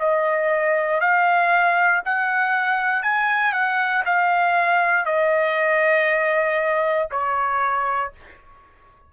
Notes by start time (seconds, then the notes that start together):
0.00 D#5
1.01 F5
2.05 F#5
3.03 G#5
3.53 F#5
4.06 F5
5.06 D#5
7.11 C#5